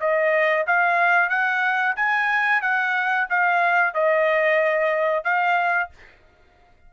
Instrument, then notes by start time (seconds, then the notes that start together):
trumpet
0.00 D#5
0.67 F5
1.29 F#5
1.96 G#5
2.62 F#5
3.30 F5
3.94 D#5
5.24 F5